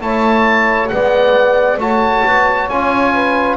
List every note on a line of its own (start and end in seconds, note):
0.00 0.90 A3
0.00 0.90 E4
0.00 0.91 C#5
0.00 0.88 A5
0.88 1.77 G#3
0.88 1.79 B3
0.88 1.80 D5
0.88 1.78 F#5
1.77 2.22 A3
1.77 2.68 F#4
1.77 3.12 C#5
1.77 2.69 A5
2.26 2.68 B3
2.68 3.57 C#4
2.68 3.57 F4
2.68 3.57 G#5
3.12 3.57 B4